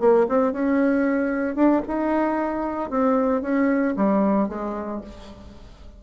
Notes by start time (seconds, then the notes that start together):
0.00 A#3
0.28 C4
0.53 C#4
1.55 D4
1.87 D#4
2.90 C4
3.42 C#4
3.96 G3
4.49 G#3